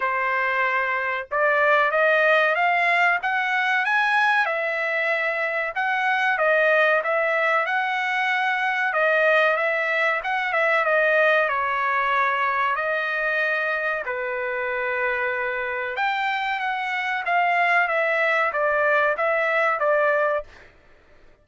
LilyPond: \new Staff \with { instrumentName = "trumpet" } { \time 4/4 \tempo 4 = 94 c''2 d''4 dis''4 | f''4 fis''4 gis''4 e''4~ | e''4 fis''4 dis''4 e''4 | fis''2 dis''4 e''4 |
fis''8 e''8 dis''4 cis''2 | dis''2 b'2~ | b'4 g''4 fis''4 f''4 | e''4 d''4 e''4 d''4 | }